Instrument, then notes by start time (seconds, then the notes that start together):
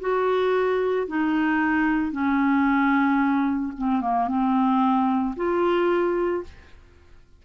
clarinet
0.00 F#4
1.07 D#4
2.12 C#4
3.78 C4
4.01 A#3
4.28 C4
5.36 F4